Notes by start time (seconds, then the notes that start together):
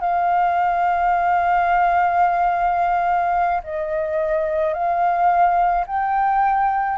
0.00 F5
3.63 D#5
4.74 F5
5.86 G5